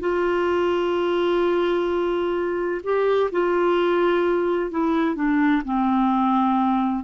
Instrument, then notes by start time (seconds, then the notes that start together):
clarinet
0.00 F4
2.84 G4
3.32 F4
4.71 E4
5.16 D4
5.65 C4